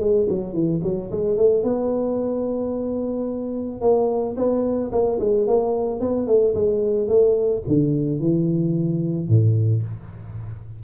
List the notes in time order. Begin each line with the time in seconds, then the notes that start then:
0.00 G#3
0.29 F#3
0.54 E3
0.84 F#3
1.11 G#3
1.37 A3
1.64 B3
3.81 A#3
4.37 B3
4.92 A#3
5.20 G#3
5.47 A#3
6.00 B3
6.27 A3
6.55 G#3
7.08 A3
7.68 D3
8.20 E3
9.29 A2